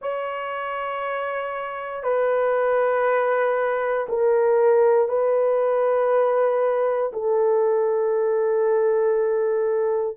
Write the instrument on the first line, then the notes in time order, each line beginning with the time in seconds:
horn
0.01 C#5
2.03 B4
4.08 A#4
5.08 B4
7.12 A4